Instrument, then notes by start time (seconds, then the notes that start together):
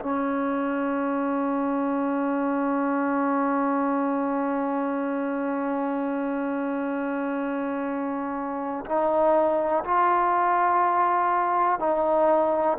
trombone
0.00 C#4
8.86 D#4
9.85 F4
11.80 D#4